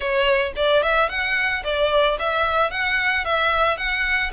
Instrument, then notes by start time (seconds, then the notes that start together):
violin
0.00 C#5
0.56 D5
0.82 E5
1.09 F#5
1.64 D5
2.19 E5
2.70 F#5
3.24 E5
3.77 F#5